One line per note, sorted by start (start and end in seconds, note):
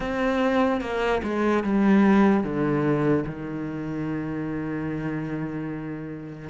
0.00 0.81 C4
0.81 1.21 A#3
1.23 1.63 G#3
1.63 2.43 G3
2.43 3.24 D3
3.25 6.49 D#3